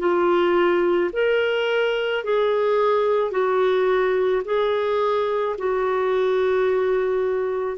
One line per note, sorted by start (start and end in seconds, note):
0.00 1.11 F4
1.13 2.24 A#4
2.24 3.32 G#4
3.32 4.43 F#4
4.45 5.57 G#4
5.58 7.78 F#4